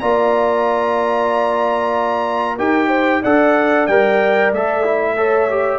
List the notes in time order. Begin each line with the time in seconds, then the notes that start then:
0.00 A#3 F4 D5 A#5
2.57 D#4 G4 A#4 G5
2.88 C5
3.22 D4 A4 D5 F#5
3.87 G3 A#4 G5
4.53 A3 A4 E5
4.84 E4
5.17 A4 C#5
5.50 G4